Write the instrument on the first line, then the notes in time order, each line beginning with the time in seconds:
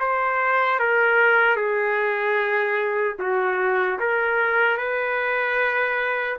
trumpet
0.00 C5
0.80 A#4
1.56 G#4
3.19 F#4
4.00 A#4
4.77 B4